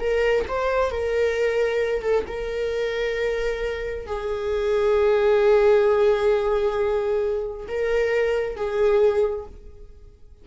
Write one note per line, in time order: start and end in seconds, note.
0.00 0.45 A#4
0.48 0.91 C5
0.91 2.02 A#4
2.02 2.24 A4
2.27 4.06 A#4
4.06 7.67 G#4
7.68 8.56 A#4
8.56 9.46 G#4